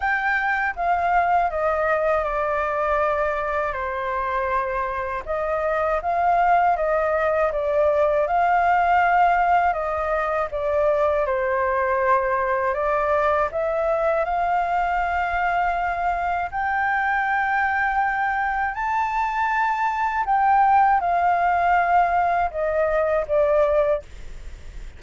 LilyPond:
\new Staff \with { instrumentName = "flute" } { \time 4/4 \tempo 4 = 80 g''4 f''4 dis''4 d''4~ | d''4 c''2 dis''4 | f''4 dis''4 d''4 f''4~ | f''4 dis''4 d''4 c''4~ |
c''4 d''4 e''4 f''4~ | f''2 g''2~ | g''4 a''2 g''4 | f''2 dis''4 d''4 | }